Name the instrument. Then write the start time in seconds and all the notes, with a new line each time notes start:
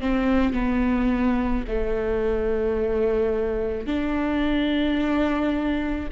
viola
0.00 C4
0.53 B3
1.68 A3
3.87 D4